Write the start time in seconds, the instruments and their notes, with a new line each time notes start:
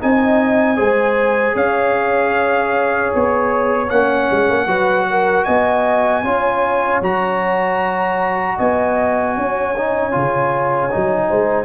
0.00 tuba C4, trombone D#4, horn D#5, trumpet G#5
0.76 tuba G#3, trombone G#4, horn C5
1.55 tuba C#4, horn C#5, trumpet F5
3.15 tuba B3, trumpet C#5
3.90 tuba A#3, trombone C#4, trumpet F#5
4.31 tuba G#3
4.50 tuba A#3
4.67 tuba F#3, trombone F#4, horn B4
5.10 horn A#4
5.45 tuba B3, horn D#5, trumpet G#5
6.24 tuba C#4, trombone F4, horn C#5
7.02 tuba F#3, trombone F#4, trumpet A#5
8.56 tuba B3, horn D#5, trumpet G#5
9.36 tuba C#4, horn C#5
9.77 trombone D#4
10.12 tuba C#3, trombone F4
10.91 tuba F#3, trombone D#4
11.29 tuba G#3, horn C5